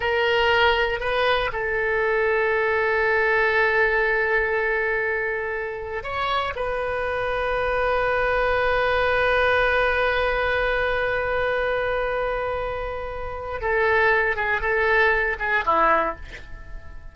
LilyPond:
\new Staff \with { instrumentName = "oboe" } { \time 4/4 \tempo 4 = 119 ais'2 b'4 a'4~ | a'1~ | a'1 | cis''4 b'2.~ |
b'1~ | b'1~ | b'2. a'4~ | a'8 gis'8 a'4. gis'8 e'4 | }